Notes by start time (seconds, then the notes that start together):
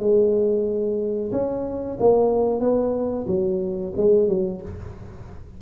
0.00 G#3
1.32 C#4
2.00 A#3
2.61 B3
3.28 F#3
3.97 G#3
4.29 F#3